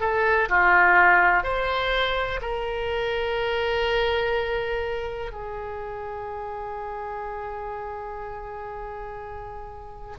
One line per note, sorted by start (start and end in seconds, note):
0.00 0.48 A4
0.48 1.43 F4
1.43 2.40 C5
2.41 5.31 A#4
5.31 10.15 G#4